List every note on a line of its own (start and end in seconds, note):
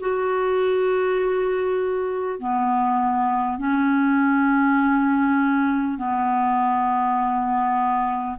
0.00 2.39 F#4
2.39 3.58 B3
3.58 5.97 C#4
5.97 8.37 B3